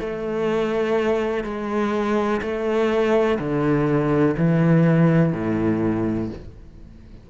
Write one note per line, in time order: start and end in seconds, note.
0.00 1.44 A3
1.44 2.41 G#3
2.41 3.38 A3
3.39 4.35 D3
4.37 5.33 E3
5.33 6.29 A2